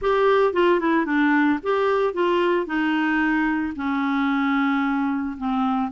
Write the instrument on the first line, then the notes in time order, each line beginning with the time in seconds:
clarinet
0.01 G4
0.53 F4
0.80 E4
1.05 D4
1.62 G4
2.13 F4
2.66 D#4
3.76 C#4
5.37 C4